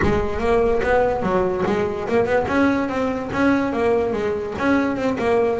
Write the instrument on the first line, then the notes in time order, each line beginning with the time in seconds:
double bass
0.02 G#3
0.39 A#3
0.82 B3
1.22 F#3
1.66 G#3
2.08 A#3
2.25 B3
2.47 C#4
2.88 C4
3.32 C#4
3.72 A#3
4.12 G#3
4.58 C#4
4.96 C4
5.18 A#3